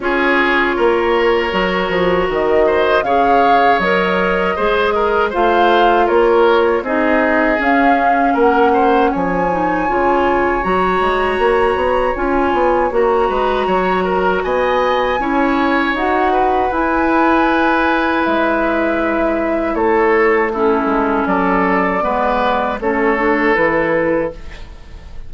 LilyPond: <<
  \new Staff \with { instrumentName = "flute" } { \time 4/4 \tempo 4 = 79 cis''2. dis''4 | f''4 dis''2 f''4 | cis''4 dis''4 f''4 fis''4 | gis''2 ais''2 |
gis''4 ais''2 gis''4~ | gis''4 fis''4 gis''2 | e''2 cis''4 a'4 | d''2 cis''4 b'4 | }
  \new Staff \with { instrumentName = "oboe" } { \time 4/4 gis'4 ais'2~ ais'8 c''8 | cis''2 c''8 ais'8 c''4 | ais'4 gis'2 ais'8 c''8 | cis''1~ |
cis''4. b'8 cis''8 ais'8 dis''4 | cis''4. b'2~ b'8~ | b'2 a'4 e'4 | a'4 b'4 a'2 | }
  \new Staff \with { instrumentName = "clarinet" } { \time 4/4 f'2 fis'2 | gis'4 ais'4 gis'4 f'4~ | f'4 dis'4 cis'2~ | cis'8 dis'8 f'4 fis'2 |
f'4 fis'2. | e'4 fis'4 e'2~ | e'2. cis'4~ | cis'4 b4 cis'8 d'8 e'4 | }
  \new Staff \with { instrumentName = "bassoon" } { \time 4/4 cis'4 ais4 fis8 f8 dis4 | cis4 fis4 gis4 a4 | ais4 c'4 cis'4 ais4 | f4 cis4 fis8 gis8 ais8 b8 |
cis'8 b8 ais8 gis8 fis4 b4 | cis'4 dis'4 e'2 | gis2 a4. gis8 | fis4 gis4 a4 e4 | }
>>